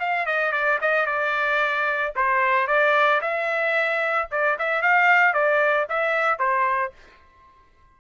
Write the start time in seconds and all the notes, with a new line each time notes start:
0.00 F5
0.26 D#5
0.53 D5
0.82 D#5
1.07 D5
2.16 C5
2.68 D5
3.22 E5
4.32 D5
4.59 E5
4.82 F5
5.34 D5
5.90 E5
6.39 C5